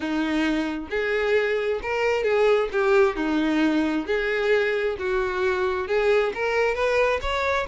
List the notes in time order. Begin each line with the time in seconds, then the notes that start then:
0.00 D#4
0.90 G#4
1.82 A#4
2.23 G#4
2.72 G4
3.16 D#4
4.06 G#4
4.98 F#4
5.87 G#4
6.34 A#4
6.74 B4
7.21 C#5